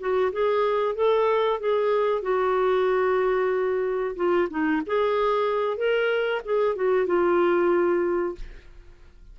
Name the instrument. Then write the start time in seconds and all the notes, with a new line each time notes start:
clarinet
0.00 F#4
0.32 G#4
0.95 A4
1.60 G#4
2.22 F#4
4.16 F4
4.50 D#4
4.86 G#4
5.77 A#4
6.45 G#4
6.76 F#4
7.06 F4